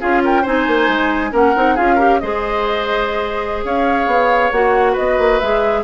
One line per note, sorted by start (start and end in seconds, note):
0.00 0.46 C#4
0.00 0.44 F4
0.00 0.22 G#4
0.00 0.22 F5
0.24 0.42 A#4
0.24 0.45 G5
0.42 0.67 C4
0.42 1.32 D#4
0.42 1.30 C5
0.42 1.34 G#5
0.67 0.88 A#3
0.88 1.32 G#3
1.32 1.54 A#3
1.32 1.54 C#4
1.32 1.75 A#4
1.32 1.76 F#5
1.55 1.78 C4
1.55 1.77 D#4
1.75 2.22 C#4
1.75 1.98 F4
1.75 1.95 G#4
1.75 2.19 F5
1.95 2.20 G4
1.95 2.17 A#4
2.19 3.64 G#3
2.19 4.53 G#4
2.19 3.65 C5
2.19 3.62 D#5
3.64 4.06 C#4
3.64 4.92 C#5
3.64 4.51 F5
4.06 4.50 B3
4.51 4.96 A#3
4.51 5.41 F#4
4.51 4.95 F#5
4.92 5.80 B4
4.92 5.39 D#5
4.98 5.18 B3
5.18 5.40 A#3
5.39 5.83 G#3
5.39 5.83 G#4
5.39 5.83 E5